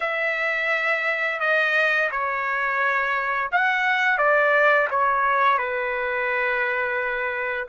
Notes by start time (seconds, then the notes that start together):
0.00 E5
1.40 D#5
2.11 C#5
3.51 F#5
4.18 D5
4.90 C#5
5.58 B4